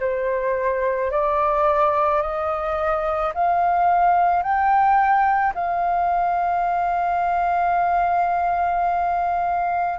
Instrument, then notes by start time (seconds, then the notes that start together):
flute
0.00 C5
1.11 D5
2.22 D#5
3.34 F5
4.42 G5
5.55 F5